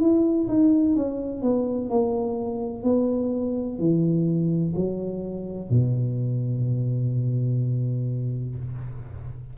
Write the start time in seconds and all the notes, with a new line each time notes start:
0.00 E4
0.48 D#4
0.96 C#4
1.42 B3
1.90 A#3
2.84 B3
3.79 E3
4.76 F#3
5.70 B2